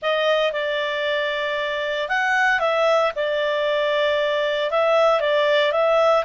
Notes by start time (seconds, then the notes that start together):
0.02 D#5
0.52 D5
2.08 F#5
2.59 E5
3.15 D5
4.71 E5
5.20 D5
5.72 E5